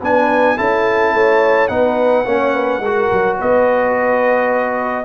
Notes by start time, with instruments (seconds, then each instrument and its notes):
0.00 tuba B3, trombone D4, horn B4, trumpet G#5
0.57 tuba C#4, trombone E4, horn A4, trumpet A5
1.13 tuba A3, horn C#5
1.68 tuba B3, trombone D#4, horn B4, trumpet F#5
2.25 tuba A#3, trombone C#4, horn C#5
2.54 horn B4
2.79 tuba G#3, horn A#4
2.86 trombone F#4
3.12 tuba F#3
3.37 tuba B3, horn B4, trumpet D#5